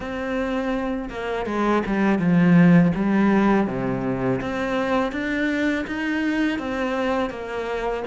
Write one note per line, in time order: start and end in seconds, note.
0.00 1.09 C4
1.09 1.46 A#3
1.46 1.82 G#3
1.86 2.19 G3
2.19 2.92 F3
2.95 3.67 G3
3.67 4.40 C3
4.40 5.12 C4
5.12 5.85 D4
5.86 6.58 D#4
6.58 7.30 C4
7.30 8.03 A#3